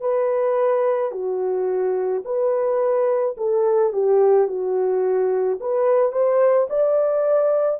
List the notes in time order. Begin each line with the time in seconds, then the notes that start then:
0.00 B4
1.11 F#4
2.24 B4
3.37 A4
3.92 G4
4.47 F#4
5.60 B4
6.12 C5
6.69 D5